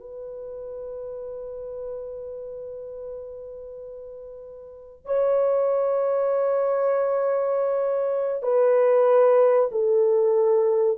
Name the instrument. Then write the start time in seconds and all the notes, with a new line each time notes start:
horn
0.00 B4
5.06 C#5
8.43 B4
9.72 A4